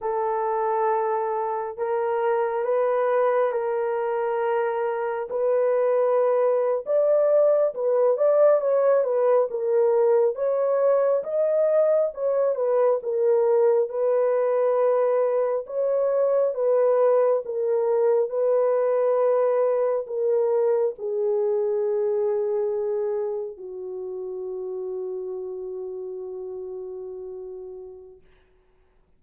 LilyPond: \new Staff \with { instrumentName = "horn" } { \time 4/4 \tempo 4 = 68 a'2 ais'4 b'4 | ais'2 b'4.~ b'16 d''16~ | d''8. b'8 d''8 cis''8 b'8 ais'4 cis''16~ | cis''8. dis''4 cis''8 b'8 ais'4 b'16~ |
b'4.~ b'16 cis''4 b'4 ais'16~ | ais'8. b'2 ais'4 gis'16~ | gis'2~ gis'8. fis'4~ fis'16~ | fis'1 | }